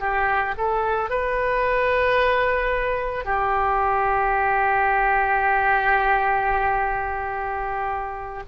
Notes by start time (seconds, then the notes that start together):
0.00 G4
0.58 A4
1.10 B4
3.25 G4